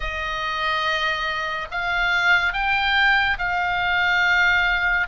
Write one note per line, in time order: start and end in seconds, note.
0.00 1.67 D#5
1.71 2.53 F5
2.53 3.37 G5
3.38 5.07 F5